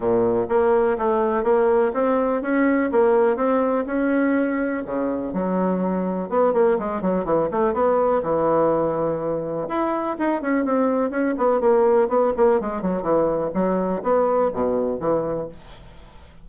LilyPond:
\new Staff \with { instrumentName = "bassoon" } { \time 4/4 \tempo 4 = 124 ais,4 ais4 a4 ais4 | c'4 cis'4 ais4 c'4 | cis'2 cis4 fis4~ | fis4 b8 ais8 gis8 fis8 e8 a8 |
b4 e2. | e'4 dis'8 cis'8 c'4 cis'8 b8 | ais4 b8 ais8 gis8 fis8 e4 | fis4 b4 b,4 e4 | }